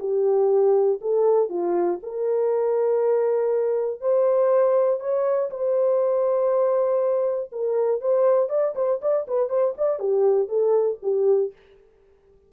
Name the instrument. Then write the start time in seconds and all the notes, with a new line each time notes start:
horn
0.00 G4
1.02 A4
1.50 F4
2.03 A#4
4.01 C5
5.00 C#5
5.51 C5
7.52 A#4
8.01 C5
8.50 D5
8.76 C5
9.02 D5
9.28 B4
9.50 C5
9.78 D5
10.00 G4
10.49 A4
11.03 G4